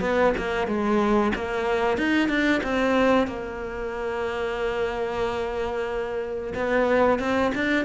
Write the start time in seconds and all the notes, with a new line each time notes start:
0.00 B3
0.37 A#3
0.67 G#3
1.35 A#3
1.97 D#4
2.28 D4
2.63 C4
3.27 A#3
6.54 B3
7.19 C4
7.54 D4